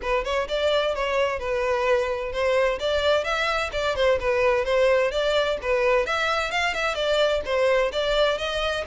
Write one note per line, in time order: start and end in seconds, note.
0.02 0.24 B4
0.24 0.47 C#5
0.48 0.94 D5
0.94 1.39 C#5
1.39 2.32 B4
2.32 2.79 C5
2.79 3.23 D5
3.23 3.70 E5
3.72 3.95 D5
3.95 4.19 C5
4.19 4.64 B4
4.64 5.11 C5
5.11 5.57 D5
5.62 6.06 B4
6.06 6.51 E5
6.51 6.74 F5
6.74 6.95 E5
6.95 7.41 D5
7.45 7.91 C5
7.92 8.38 D5
8.38 8.84 D#5